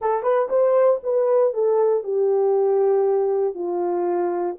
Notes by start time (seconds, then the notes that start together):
0.01 A4
0.23 B4
0.49 C5
1.03 B4
1.53 A4
2.03 G4
3.54 F4